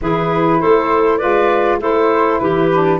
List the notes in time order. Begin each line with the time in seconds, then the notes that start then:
0.01 E3 E4 G#4 B4
0.59 A3 A4 C5
1.17 G#3 F4 B4 D5
1.79 A3 E4 A4 C5
2.39 E3 G4 B4
2.73 D4